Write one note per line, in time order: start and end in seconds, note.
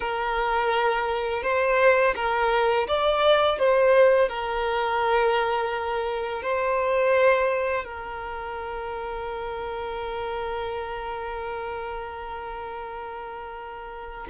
0.00 1.43 A#4
1.43 2.14 C5
2.15 2.87 A#4
2.87 3.58 D5
3.58 4.28 C5
4.28 6.42 A#4
6.42 7.84 C5
7.84 14.27 A#4